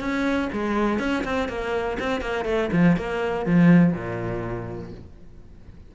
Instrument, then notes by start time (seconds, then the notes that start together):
cello
0.00 C#4
0.53 G#3
0.99 C#4
1.24 C4
1.48 A#3
1.99 C4
2.21 A#3
2.45 A3
2.72 F3
2.97 A#3
3.46 F3
3.93 A#2